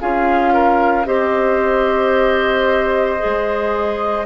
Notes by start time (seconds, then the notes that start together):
0.00 C#4 F4 G#4 F5
0.53 A#4
1.05 C4 G4 C5 D#5
3.18 G#4
3.24 G#3